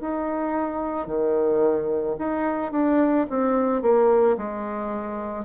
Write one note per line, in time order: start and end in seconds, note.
0.00 1.07 D#4
1.07 2.16 D#3
2.18 2.71 D#4
2.71 3.26 D4
3.29 3.82 C4
3.82 4.36 A#3
4.37 5.44 G#3